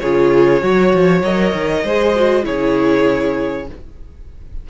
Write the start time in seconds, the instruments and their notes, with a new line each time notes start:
0.00 cello C#3, viola F4, violin G#4 C#5
0.61 cello F#3, viola F#4, violin C#5
0.94 cello F3
1.22 cello F#3, viola A#4, violin D#5
1.53 cello D#3
1.84 cello G#3, viola G#4, violin C5
2.16 viola F#4
2.43 cello C#3, viola E4, violin G#4 C#5